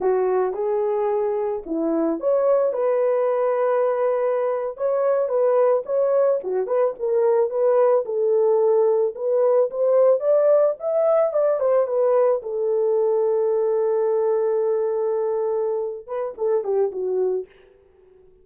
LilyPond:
\new Staff \with { instrumentName = "horn" } { \time 4/4 \tempo 4 = 110 fis'4 gis'2 e'4 | cis''4 b'2.~ | b'8. cis''4 b'4 cis''4 fis'16~ | fis'16 b'8 ais'4 b'4 a'4~ a'16~ |
a'8. b'4 c''4 d''4 e''16~ | e''8. d''8 c''8 b'4 a'4~ a'16~ | a'1~ | a'4. b'8 a'8 g'8 fis'4 | }